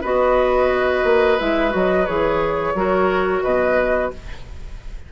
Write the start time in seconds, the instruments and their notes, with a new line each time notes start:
0.00 bassoon B3, clarinet F#4, oboe B4, flute D#5
1.03 bassoon A#3
1.39 bassoon G#3, clarinet E4, flute E5
1.69 bassoon F#3, clarinet F#4, flute D#5
2.05 bassoon E3, clarinet G#4, flute C#5
2.74 bassoon F#3, clarinet F#4, oboe A#4
3.42 bassoon B2, oboe B4, flute D#5